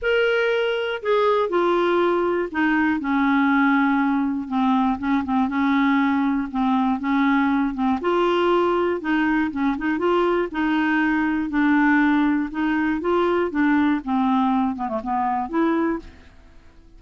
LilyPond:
\new Staff \with { instrumentName = "clarinet" } { \time 4/4 \tempo 4 = 120 ais'2 gis'4 f'4~ | f'4 dis'4 cis'2~ | cis'4 c'4 cis'8 c'8 cis'4~ | cis'4 c'4 cis'4. c'8 |
f'2 dis'4 cis'8 dis'8 | f'4 dis'2 d'4~ | d'4 dis'4 f'4 d'4 | c'4. b16 a16 b4 e'4 | }